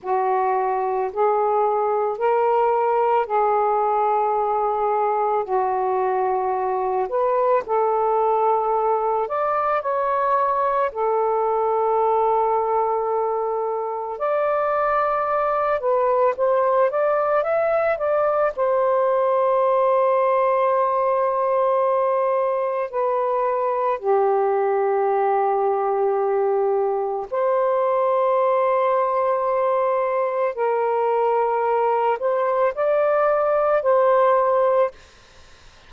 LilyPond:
\new Staff \with { instrumentName = "saxophone" } { \time 4/4 \tempo 4 = 55 fis'4 gis'4 ais'4 gis'4~ | gis'4 fis'4. b'8 a'4~ | a'8 d''8 cis''4 a'2~ | a'4 d''4. b'8 c''8 d''8 |
e''8 d''8 c''2.~ | c''4 b'4 g'2~ | g'4 c''2. | ais'4. c''8 d''4 c''4 | }